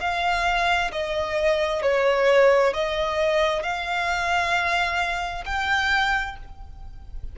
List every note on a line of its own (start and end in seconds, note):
0.00 0.91 F5
0.92 1.82 D#5
1.82 2.73 C#5
2.73 3.62 D#5
3.62 5.44 F5
5.45 6.36 G5